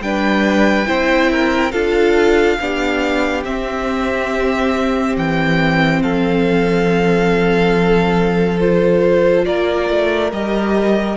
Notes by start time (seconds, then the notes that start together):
0.00 G3 D4 B4 G5
0.86 C4 E4 C5
1.31 A#4
1.72 D4 F4 A4 F5
2.60 B3 D4 G4
3.44 C4 E5
5.16 E3 G5
6.02 F3 A4 F5
8.59 F4 C5
9.45 A#3 A#4 D5
9.89 A3
10.32 G3 G4 D#5